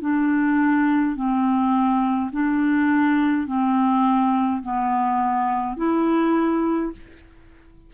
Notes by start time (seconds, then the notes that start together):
0.00 D4
1.15 C4
2.31 D4
3.46 C4
4.62 B3
5.76 E4